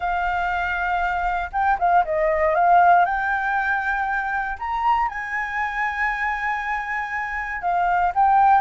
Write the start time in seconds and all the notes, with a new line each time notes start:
0.00 F5
1.52 G5
1.78 F5
2.05 D#5
2.54 F5
3.05 G5
4.59 A#5
5.08 G#5
7.61 F5
8.14 G5